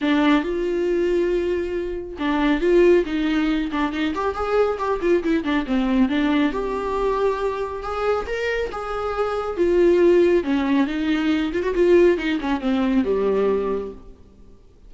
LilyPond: \new Staff \with { instrumentName = "viola" } { \time 4/4 \tempo 4 = 138 d'4 f'2.~ | f'4 d'4 f'4 dis'4~ | dis'8 d'8 dis'8 g'8 gis'4 g'8 f'8 | e'8 d'8 c'4 d'4 g'4~ |
g'2 gis'4 ais'4 | gis'2 f'2 | cis'4 dis'4. f'16 fis'16 f'4 | dis'8 cis'8 c'4 g2 | }